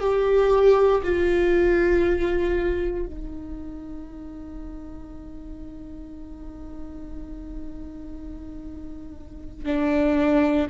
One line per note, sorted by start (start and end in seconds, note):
0.00 1.02 G4
1.03 3.06 F4
3.06 9.66 D#4
9.66 10.67 D4